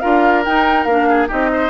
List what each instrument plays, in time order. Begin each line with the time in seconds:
0.00 bassoon D4, clarinet F4, oboe A#4, flute F5
0.45 clarinet D#4, bassoon D#4, flute G5
0.84 bassoon A#3, clarinet D4, flute F5
1.09 oboe G#4
1.28 bassoon C4, clarinet D#4, oboe G4, flute D#5
1.53 oboe C5